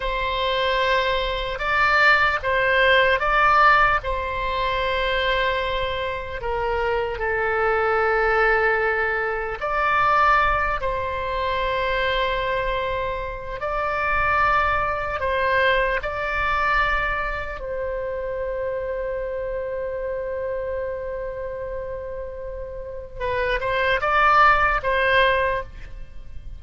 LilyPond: \new Staff \with { instrumentName = "oboe" } { \time 4/4 \tempo 4 = 75 c''2 d''4 c''4 | d''4 c''2. | ais'4 a'2. | d''4. c''2~ c''8~ |
c''4 d''2 c''4 | d''2 c''2~ | c''1~ | c''4 b'8 c''8 d''4 c''4 | }